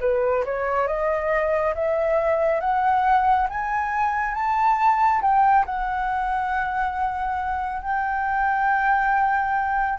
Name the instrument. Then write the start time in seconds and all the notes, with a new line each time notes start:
flute
0.00 B4
0.45 C#5
0.87 D#5
1.75 E5
2.60 F#5
3.49 G#5
4.34 A5
5.21 G5
5.66 F#5
7.82 G5